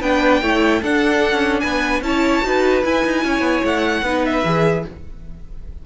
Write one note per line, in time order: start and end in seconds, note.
0.00 0.41 B3
0.00 0.42 D4
0.00 0.40 B4
0.00 0.82 G5
0.41 0.81 A3
0.41 0.83 E4
0.41 0.81 C#5
0.82 1.32 D4
0.82 2.03 D4
0.82 1.62 A4
0.82 1.60 F#5
1.32 1.62 C#4
1.60 2.00 B3
1.60 2.03 B4
1.60 2.00 G#5
2.00 2.41 C#4
2.00 2.42 E4
2.00 2.46 C#5
2.00 2.83 A5
2.42 2.84 D#4
2.42 2.82 F#4
2.42 3.23 B4
2.83 4.04 E4
2.83 3.04 E4
2.83 3.65 G#5
3.04 3.23 D#4
3.23 3.40 C#4
3.23 4.04 C#5
3.40 3.60 B3
3.63 4.02 A3
3.63 4.25 F#5
4.02 4.42 B3
4.02 4.44 D#4
4.02 4.85 B4
4.25 4.85 E5
4.44 4.84 E3
4.44 4.84 G#4